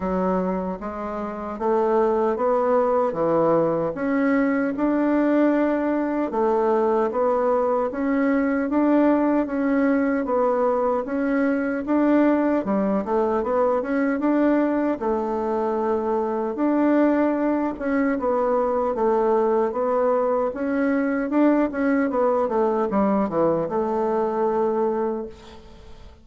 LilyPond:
\new Staff \with { instrumentName = "bassoon" } { \time 4/4 \tempo 4 = 76 fis4 gis4 a4 b4 | e4 cis'4 d'2 | a4 b4 cis'4 d'4 | cis'4 b4 cis'4 d'4 |
g8 a8 b8 cis'8 d'4 a4~ | a4 d'4. cis'8 b4 | a4 b4 cis'4 d'8 cis'8 | b8 a8 g8 e8 a2 | }